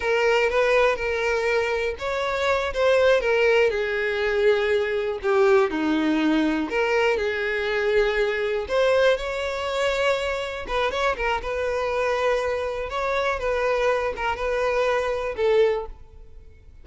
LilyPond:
\new Staff \with { instrumentName = "violin" } { \time 4/4 \tempo 4 = 121 ais'4 b'4 ais'2 | cis''4. c''4 ais'4 gis'8~ | gis'2~ gis'8 g'4 dis'8~ | dis'4. ais'4 gis'4.~ |
gis'4. c''4 cis''4.~ | cis''4. b'8 cis''8 ais'8 b'4~ | b'2 cis''4 b'4~ | b'8 ais'8 b'2 a'4 | }